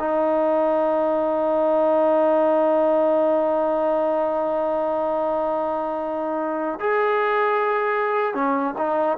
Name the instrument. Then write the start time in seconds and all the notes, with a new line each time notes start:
trombone
0.00 D#4
6.80 G#4
8.35 C#4
8.78 D#4